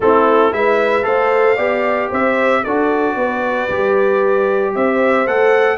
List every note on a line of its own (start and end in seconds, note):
0.00 0.51 A3
0.00 0.52 C4
0.00 0.54 E4
0.00 0.53 A4
0.51 1.04 G#3
0.51 1.03 E4
0.51 1.05 B4
0.51 1.04 E5
1.03 1.57 A3
1.03 1.55 A4
1.03 1.56 C5
1.03 2.09 F5
1.56 2.10 B3
1.56 2.63 G4
1.56 2.08 D5
2.09 2.64 C4
2.09 2.62 C5
2.09 2.63 E5
2.63 3.15 D4
2.63 3.70 F#4
2.63 3.16 A4
2.63 4.74 D5
3.15 3.68 B3
3.15 4.74 B4
3.69 4.75 G3
3.69 5.27 G4
4.75 5.27 C4
4.75 5.77 C5
4.75 5.27 E5
5.27 5.77 A3
5.27 5.77 A4
5.27 5.77 F#5